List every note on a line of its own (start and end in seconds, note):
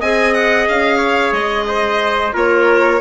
0.00 0.68 C4
0.00 2.33 G#4
0.00 0.97 D#5
0.00 0.34 G#5
0.34 0.67 F#5
0.68 1.32 C#4
0.68 1.33 F5
0.97 1.63 C#5
1.32 2.32 G#3
1.32 2.33 D#5
1.68 2.33 C5
2.33 3.01 A#3
2.33 2.99 F4
2.33 3.00 A#4
2.33 3.01 C#5